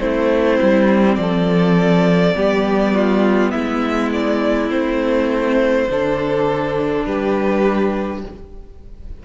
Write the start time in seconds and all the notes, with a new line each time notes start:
0.00 A3 C4 E4 C5
0.62 G3
1.15 F3 A4 D5
2.35 G3 B3 G4
2.95 F4
3.51 G#3 E4 E5
4.13 D5
4.70 A3 C4 C5
5.90 D3 D4 A4
7.06 G3 G4 B4